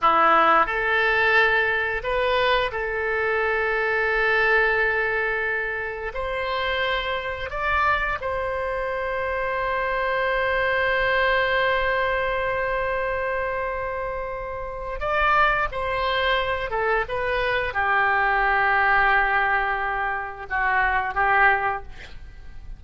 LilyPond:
\new Staff \with { instrumentName = "oboe" } { \time 4/4 \tempo 4 = 88 e'4 a'2 b'4 | a'1~ | a'4 c''2 d''4 | c''1~ |
c''1~ | c''2 d''4 c''4~ | c''8 a'8 b'4 g'2~ | g'2 fis'4 g'4 | }